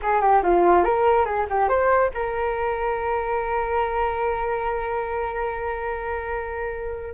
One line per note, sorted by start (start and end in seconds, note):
0.02 0.21 G#4
0.21 0.42 G4
0.43 0.84 F4
0.84 1.25 A#4
1.25 1.46 G#4
1.49 1.68 G4
1.68 2.10 C5
2.13 7.13 A#4